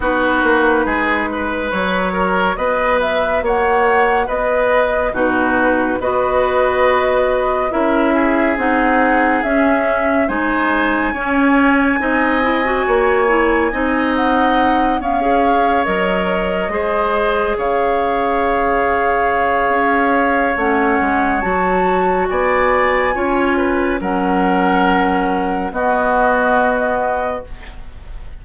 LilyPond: <<
  \new Staff \with { instrumentName = "flute" } { \time 4/4 \tempo 4 = 70 b'2 cis''4 dis''8 e''8 | fis''4 dis''4 b'4 dis''4~ | dis''4 e''4 fis''4 e''4 | gis''1~ |
gis''8 fis''4 f''4 dis''4.~ | dis''8 f''2.~ f''8 | fis''4 a''4 gis''2 | fis''2 dis''2 | }
  \new Staff \with { instrumentName = "oboe" } { \time 4/4 fis'4 gis'8 b'4 ais'8 b'4 | cis''4 b'4 fis'4 b'4~ | b'4 ais'8 gis'2~ gis'8 | c''4 cis''4 dis''4 cis''4 |
dis''4. cis''2 c''8~ | c''8 cis''2.~ cis''8~ | cis''2 d''4 cis''8 b'8 | ais'2 fis'2 | }
  \new Staff \with { instrumentName = "clarinet" } { \time 4/4 dis'2 fis'2~ | fis'2 dis'4 fis'4~ | fis'4 e'4 dis'4 cis'4 | dis'4 cis'4 dis'8 e'16 fis'8. e'8 |
dis'4. b16 gis'8. ais'4 gis'8~ | gis'1 | cis'4 fis'2 f'4 | cis'2 b2 | }
  \new Staff \with { instrumentName = "bassoon" } { \time 4/4 b8 ais8 gis4 fis4 b4 | ais4 b4 b,4 b4~ | b4 cis'4 c'4 cis'4 | gis4 cis'4 c'4 ais4 |
c'4. cis'4 fis4 gis8~ | gis8 cis2~ cis8 cis'4 | a8 gis8 fis4 b4 cis'4 | fis2 b2 | }
>>